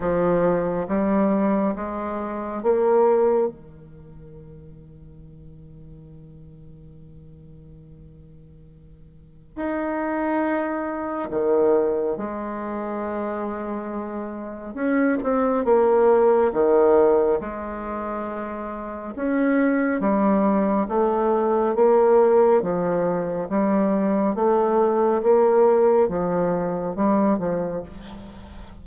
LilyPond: \new Staff \with { instrumentName = "bassoon" } { \time 4/4 \tempo 4 = 69 f4 g4 gis4 ais4 | dis1~ | dis2. dis'4~ | dis'4 dis4 gis2~ |
gis4 cis'8 c'8 ais4 dis4 | gis2 cis'4 g4 | a4 ais4 f4 g4 | a4 ais4 f4 g8 f8 | }